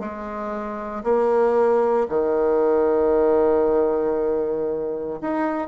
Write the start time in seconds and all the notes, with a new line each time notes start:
0.00 G#3
1.04 A#3
2.10 D#3
5.21 D#4